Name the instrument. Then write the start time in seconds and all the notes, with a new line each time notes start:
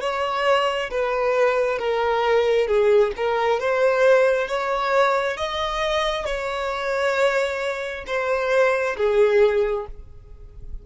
violin
0.00 C#5
0.90 B4
1.78 A#4
2.67 G#4
3.16 A#4
3.59 C5
4.47 C#5
5.37 D#5
6.25 C#5
8.06 C5
8.96 G#4